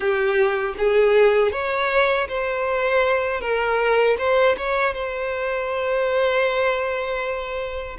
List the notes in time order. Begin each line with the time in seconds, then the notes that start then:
0.00 G4
0.77 G#4
1.52 C#5
2.28 C5
3.40 A#4
4.17 C5
4.57 C#5
4.93 C5